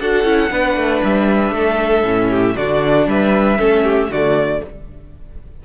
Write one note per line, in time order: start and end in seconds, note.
0.00 0.24 D4
0.00 0.25 F#4
0.00 0.51 A4
0.00 1.03 F#5
0.24 0.50 C#4
0.24 0.50 E4
0.50 0.76 B3
0.50 2.04 D4
0.50 1.54 B4
0.76 1.02 A3
1.04 1.51 G3
1.04 2.57 E5
1.51 2.03 A3
1.51 2.30 A4
2.04 2.55 A2
2.04 2.56 C#4
2.30 2.55 G4
2.57 3.07 D3
2.57 3.58 D4
2.57 3.08 F#4
2.57 3.08 D5
3.07 3.58 G3
3.07 3.59 B4
3.07 4.12 E5
3.58 4.09 A3
3.58 4.10 C#4
3.58 3.84 A4
3.84 4.10 G4
4.09 4.61 D3
4.09 4.65 A3
4.09 4.62 F#4
4.09 4.63 D5